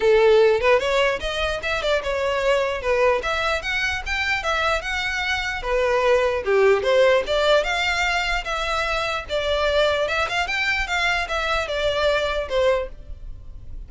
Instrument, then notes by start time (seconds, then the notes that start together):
violin
0.00 A4
0.60 B4
0.79 C#5
1.20 D#5
1.63 E5
1.82 D5
2.03 C#5
2.81 B4
3.22 E5
3.62 F#5
4.06 G5
4.43 E5
4.81 F#5
5.62 B4
6.44 G4
6.83 C5
7.27 D5
7.63 F5
8.44 E5
9.29 D5
10.07 E5
10.28 F5
10.47 G5
10.87 F5
11.28 E5
11.67 D5
12.48 C5